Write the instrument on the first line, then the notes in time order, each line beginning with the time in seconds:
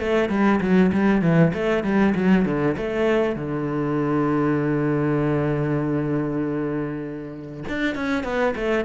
cello
0.00 A3
0.30 G3
0.62 F#3
0.93 G3
1.22 E3
1.54 A3
1.84 G3
2.15 F#3
2.46 D3
2.77 A3
3.36 D3
7.69 D4
7.96 C#4
8.24 B3
8.56 A3